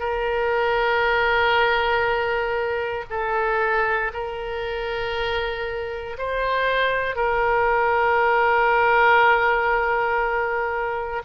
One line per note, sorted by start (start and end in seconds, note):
0.00 3.05 A#4
3.10 4.12 A4
4.13 6.17 A#4
6.18 7.16 C5
7.16 11.23 A#4